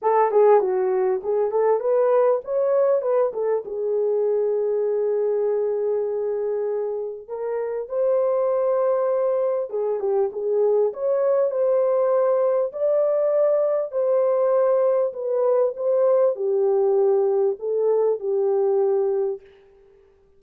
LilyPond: \new Staff \with { instrumentName = "horn" } { \time 4/4 \tempo 4 = 99 a'8 gis'8 fis'4 gis'8 a'8 b'4 | cis''4 b'8 a'8 gis'2~ | gis'1 | ais'4 c''2. |
gis'8 g'8 gis'4 cis''4 c''4~ | c''4 d''2 c''4~ | c''4 b'4 c''4 g'4~ | g'4 a'4 g'2 | }